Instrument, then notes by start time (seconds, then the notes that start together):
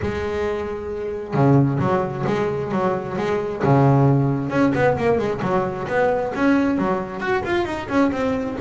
double bass
0.01 G#3
1.33 C#3
1.79 F#3
2.26 G#3
2.71 F#3
3.17 G#3
3.63 C#3
4.49 C#4
4.75 B3
4.97 A#3
5.18 G#3
5.42 F#3
5.87 B3
6.35 C#4
6.78 F#3
7.20 F#4
7.44 F4
7.65 D#4
7.88 C#4
8.11 C4